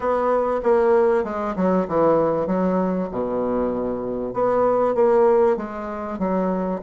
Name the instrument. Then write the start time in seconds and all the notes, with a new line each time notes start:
bassoon
0.00 B3
0.63 A#3
1.24 G#3
1.56 F#3
1.88 E3
2.47 F#3
3.11 B2
4.33 B3
4.95 A#3
5.56 G#3
6.19 F#3